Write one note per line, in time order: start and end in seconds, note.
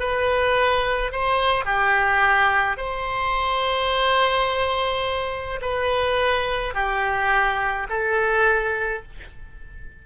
0.00 1.12 B4
1.12 1.66 C5
1.66 2.77 G4
2.77 5.60 C5
5.62 6.75 B4
6.75 7.88 G4
7.90 9.03 A4